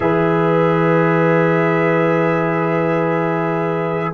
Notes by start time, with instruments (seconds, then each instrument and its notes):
0.00 tuba E3, trombone G#4, horn B4, trumpet E5